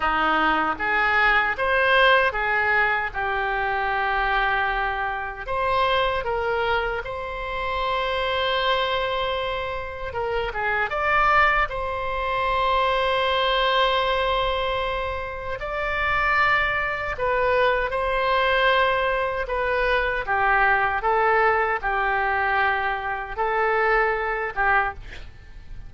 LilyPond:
\new Staff \with { instrumentName = "oboe" } { \time 4/4 \tempo 4 = 77 dis'4 gis'4 c''4 gis'4 | g'2. c''4 | ais'4 c''2.~ | c''4 ais'8 gis'8 d''4 c''4~ |
c''1 | d''2 b'4 c''4~ | c''4 b'4 g'4 a'4 | g'2 a'4. g'8 | }